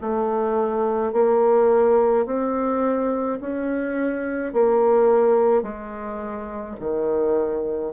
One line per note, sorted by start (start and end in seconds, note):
0.00 1.13 A3
1.13 2.25 A#3
2.25 3.39 C4
3.41 4.53 C#4
4.53 5.62 A#3
5.62 6.76 G#3
6.80 7.92 D#3